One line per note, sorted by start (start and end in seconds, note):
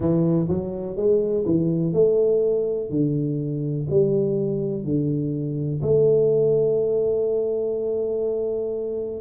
0.00 0.48 E3
0.48 0.96 F#3
0.96 1.44 G#3
1.45 1.93 E3
1.93 2.89 A3
2.89 3.86 D3
3.89 4.84 G3
4.84 5.81 D3
5.82 9.20 A3